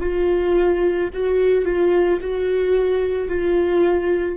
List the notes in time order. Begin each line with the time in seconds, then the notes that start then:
0.00 F4
1.13 F#4
1.65 F4
2.21 F#4
3.28 F4